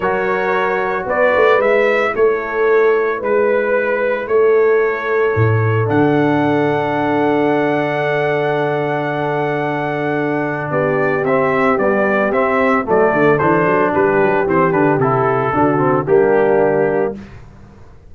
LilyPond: <<
  \new Staff \with { instrumentName = "trumpet" } { \time 4/4 \tempo 4 = 112 cis''2 d''4 e''4 | cis''2 b'2 | cis''2. fis''4~ | fis''1~ |
fis''1 | d''4 e''4 d''4 e''4 | d''4 c''4 b'4 c''8 b'8 | a'2 g'2 | }
  \new Staff \with { instrumentName = "horn" } { \time 4/4 ais'2 b'2 | a'2 b'2 | a'1~ | a'1~ |
a'1 | g'1 | a'2 g'2~ | g'4 fis'4 d'2 | }
  \new Staff \with { instrumentName = "trombone" } { \time 4/4 fis'2. e'4~ | e'1~ | e'2. d'4~ | d'1~ |
d'1~ | d'4 c'4 g4 c'4 | a4 d'2 c'8 d'8 | e'4 d'8 c'8 ais2 | }
  \new Staff \with { instrumentName = "tuba" } { \time 4/4 fis2 b8 a8 gis4 | a2 gis2 | a2 a,4 d4~ | d1~ |
d1 | b4 c'4 b4 c'4 | fis8 d8 e8 fis8 g8 fis8 e8 d8 | c4 d4 g2 | }
>>